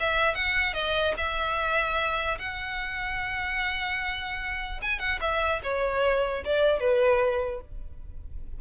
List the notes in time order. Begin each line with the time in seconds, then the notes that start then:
0.00 E5
0.35 F#5
0.74 D#5
1.17 E5
2.39 F#5
4.82 G#5
4.99 F#5
5.21 E5
5.63 C#5
6.45 D5
6.80 B4